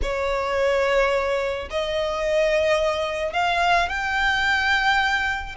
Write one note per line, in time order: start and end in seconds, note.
0.02 1.68 C#5
1.70 3.33 D#5
3.33 3.88 F5
3.89 5.55 G5